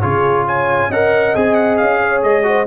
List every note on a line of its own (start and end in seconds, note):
0.00 0.89 C#3
0.00 0.91 F4
0.00 0.45 G#4
0.00 0.44 C#5
0.46 0.89 C#5
0.46 0.91 G#5
0.89 1.33 C#4
0.89 1.35 A#4
0.89 2.00 D#5
0.89 1.35 F#5
1.35 1.80 C4
1.35 2.42 G#4
1.35 1.54 G#5
1.54 1.76 F#5
1.77 2.22 C#4
1.77 2.21 F5
2.01 2.46 C#5
2.22 2.67 G#3
2.22 2.67 D#5
2.42 2.65 F#4
2.42 2.67 C5